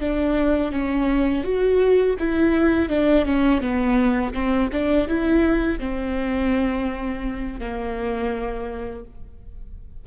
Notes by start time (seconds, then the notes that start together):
0.00 D4
0.72 C#4
1.44 F#4
2.19 E4
2.89 D4
3.25 C#4
3.61 B3
4.33 C4
4.72 D4
5.08 E4
5.79 C4
7.60 A#3